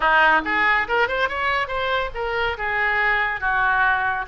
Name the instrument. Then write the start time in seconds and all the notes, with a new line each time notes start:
oboe
0.00 D#4
0.44 G#4
0.87 A#4
1.08 C5
1.28 C#5
1.67 C5
2.14 A#4
2.57 G#4
3.40 F#4